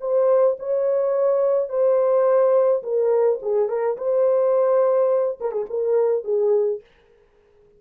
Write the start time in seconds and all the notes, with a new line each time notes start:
0.00 C5
0.59 C#5
1.69 C5
2.83 A#4
3.42 G#4
3.68 A#4
3.97 C5
5.40 A#4
5.51 G#4
5.69 A#4
6.24 G#4